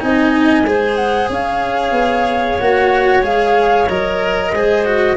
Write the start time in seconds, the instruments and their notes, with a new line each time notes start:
0.00 tuba C4, cello D#4, clarinet D#5, flute G#5
0.64 tuba G#3, cello G#4, clarinet C5
0.96 flute F#5
1.29 tuba C#4, clarinet C#5, flute F5
1.91 tuba B3
2.59 tuba A#3, cello F#4, flute F#5
3.22 tuba G#3, cello G#4, flute F5
3.89 tuba F#3, cello A#4, flute D#5
4.52 tuba G#3, cello G#4, clarinet C5
4.85 cello F#4